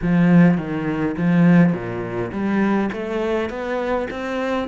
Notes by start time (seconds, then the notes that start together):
0.02 F3
0.57 D#3
1.17 F3
1.73 A#2
2.31 G3
2.92 A3
3.49 B3
4.10 C4